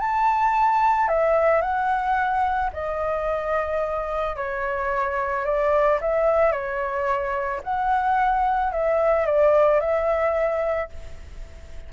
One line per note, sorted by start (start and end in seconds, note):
0.00 1.08 A5
1.08 1.62 E5
1.62 2.71 F#5
2.73 4.37 D#5
4.37 5.45 C#5
5.45 6.00 D5
6.01 6.52 E5
6.52 7.61 C#5
7.64 8.72 F#5
8.72 9.26 E5
9.26 9.81 D5
9.81 10.90 E5